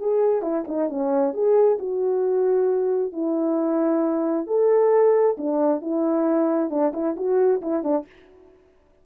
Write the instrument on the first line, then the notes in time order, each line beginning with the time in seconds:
horn
0.00 G#4
0.42 E4
0.68 D#4
0.89 C#4
1.34 G#4
1.79 F#4
3.13 E4
4.47 A4
5.38 D4
5.82 E4
6.70 D4
6.94 E4
7.17 F#4
7.62 E4
7.84 D4